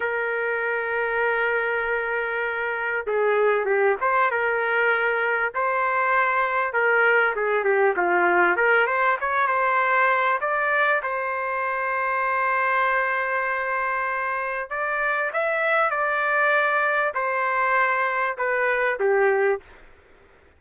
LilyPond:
\new Staff \with { instrumentName = "trumpet" } { \time 4/4 \tempo 4 = 98 ais'1~ | ais'4 gis'4 g'8 c''8 ais'4~ | ais'4 c''2 ais'4 | gis'8 g'8 f'4 ais'8 c''8 cis''8 c''8~ |
c''4 d''4 c''2~ | c''1 | d''4 e''4 d''2 | c''2 b'4 g'4 | }